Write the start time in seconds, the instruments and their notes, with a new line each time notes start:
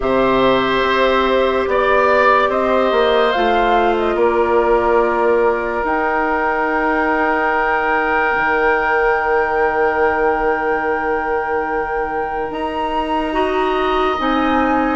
0.00 bassoon C3, clarinet G4, oboe C5, flute E5
0.82 bassoon C4
1.67 bassoon B3, flute D5, oboe D5
2.49 bassoon C4, oboe C5, flute D#5
2.91 bassoon A#3
3.31 bassoon A3, clarinet F4, flute F5
3.98 flute D#5
4.15 bassoon A#3, oboe A#4, flute D5
5.84 bassoon D#4, clarinet D#4, flute G5
8.36 bassoon D#3
12.50 bassoon D#4, flute A#5
13.31 clarinet F#4, oboe D#5
14.18 bassoon C4, clarinet D#4, flute G#5